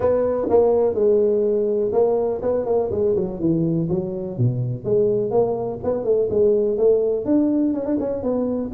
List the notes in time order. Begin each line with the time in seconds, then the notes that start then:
0.00 B3
0.49 A#3
0.94 G#3
1.92 A#3
2.42 B3
2.65 A#3
2.91 G#3
3.15 F#3
3.40 E3
3.89 F#3
4.37 B2
4.84 G#3
5.30 A#3
5.83 B3
6.04 A3
6.29 G#3
6.77 A3
7.25 D4
7.73 C#4
7.85 D4
7.99 C#4
8.23 B3